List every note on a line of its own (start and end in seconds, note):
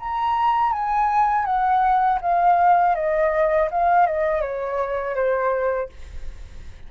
0.00 0.73 A#5
0.73 1.46 G#5
1.46 2.20 F#5
2.22 2.96 F5
2.96 3.70 D#5
3.71 4.07 F5
4.07 4.41 D#5
4.41 5.15 C#5
5.16 5.90 C5